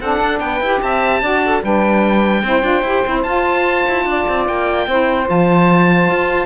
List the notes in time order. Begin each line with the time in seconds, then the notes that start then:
0.00 C4 D4 A4 F#5
0.21 D4
0.39 B3 B4 G5
0.60 E4 G4
0.82 C4 E5 A5
1.22 D4 F#4 D5
1.45 A4
1.62 G3 D4 B4 G5
2.43 C4 E4 C5
2.62 D4 F4
2.82 E4 G4
3.05 C4 E4
3.23 F4 A5
3.88 E4
4.05 D4 D5
4.28 C4
4.47 A#3 G5
4.86 C4 E4 C5
5.26 F3 F4 A5
6.09 F4